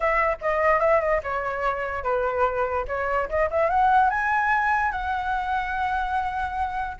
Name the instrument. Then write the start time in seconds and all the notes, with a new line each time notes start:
flute
0.00 E5
0.41 D#5
0.80 E5
1.00 D#5
1.23 C#5
2.03 B4
2.87 C#5
3.29 D#5
3.50 E5
3.69 F#5
4.09 G#5
4.91 F#5